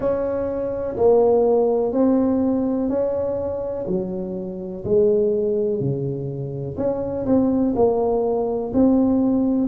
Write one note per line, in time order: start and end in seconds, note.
0.00 0.95 C#4
0.96 1.92 A#3
1.92 2.89 C4
2.89 3.85 C#4
3.87 4.83 F#3
4.84 5.79 G#3
5.79 6.76 C#3
6.77 7.25 C#4
7.26 7.74 C4
7.75 8.72 A#3
8.73 9.67 C4